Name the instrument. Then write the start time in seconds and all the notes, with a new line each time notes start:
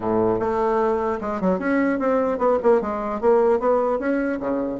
bassoon
0.00 A2
0.39 A3
1.21 G#3
1.40 F#3
1.59 C#4
1.99 C4
2.38 B3
2.62 A#3
2.81 G#3
3.20 A#3
3.59 B3
3.99 C#4
4.39 C#3